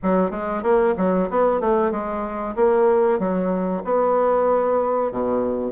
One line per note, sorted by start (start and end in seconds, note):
0.02 0.30 F#3
0.30 0.62 G#3
0.62 0.94 A#3
0.97 1.29 F#3
1.30 1.60 B3
1.60 1.91 A3
1.91 2.55 G#3
2.55 3.19 A#3
3.19 3.82 F#3
3.84 5.11 B3
5.11 5.71 B2